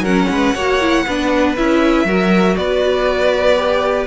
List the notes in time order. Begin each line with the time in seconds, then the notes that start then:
0.00 F#3 C#4 A#4 F#5
0.30 G#3 B4
0.55 A#3 F#4 C#5
0.81 E4
1.06 B3 D4 B4
1.57 C#4 E4 E5
2.05 F#3 F#4 A#4
2.56 B3 B4 D5
3.56 G4